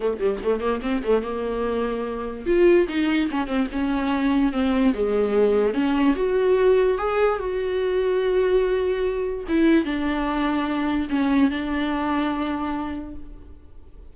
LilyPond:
\new Staff \with { instrumentName = "viola" } { \time 4/4 \tempo 4 = 146 a8 g8 a8 ais8 c'8 a8 ais4~ | ais2 f'4 dis'4 | cis'8 c'8 cis'2 c'4 | gis2 cis'4 fis'4~ |
fis'4 gis'4 fis'2~ | fis'2. e'4 | d'2. cis'4 | d'1 | }